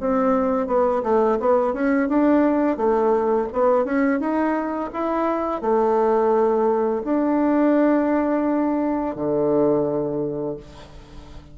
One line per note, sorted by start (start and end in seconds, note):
0.00 0.67 C4
0.67 1.02 B3
1.03 1.38 A3
1.40 1.73 B3
1.73 2.08 C#4
2.08 2.77 D4
2.77 3.47 A3
3.52 3.84 B3
3.84 4.19 C#4
4.19 4.90 D#4
4.93 5.61 E4
5.61 7.02 A3
7.04 9.15 D4
9.15 10.56 D3